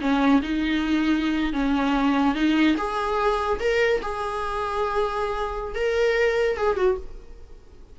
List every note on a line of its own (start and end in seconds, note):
0.00 0.41 C#4
0.42 1.53 D#4
1.53 2.34 C#4
2.34 2.76 D#4
2.77 3.59 G#4
3.59 4.00 A#4
4.01 5.75 G#4
5.75 6.57 A#4
6.57 6.76 G#4
6.76 6.97 F#4